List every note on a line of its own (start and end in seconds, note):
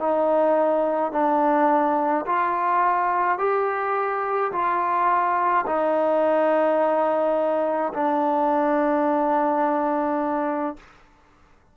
0.00 1.13 D#4
1.13 2.26 D4
2.26 3.39 F4
3.39 4.52 G4
4.53 5.66 F4
5.67 7.93 D#4
7.94 10.77 D4